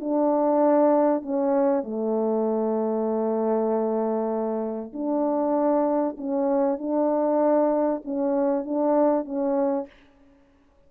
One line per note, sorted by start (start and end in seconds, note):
0.00 1.22 D4
1.22 1.83 C#4
1.83 4.93 A3
4.93 6.16 D4
6.17 6.78 C#4
6.78 8.02 D4
8.04 8.65 C#4
8.65 9.25 D4
9.25 9.87 C#4